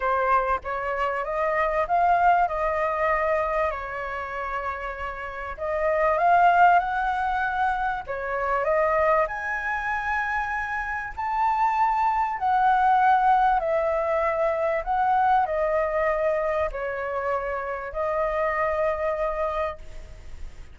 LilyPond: \new Staff \with { instrumentName = "flute" } { \time 4/4 \tempo 4 = 97 c''4 cis''4 dis''4 f''4 | dis''2 cis''2~ | cis''4 dis''4 f''4 fis''4~ | fis''4 cis''4 dis''4 gis''4~ |
gis''2 a''2 | fis''2 e''2 | fis''4 dis''2 cis''4~ | cis''4 dis''2. | }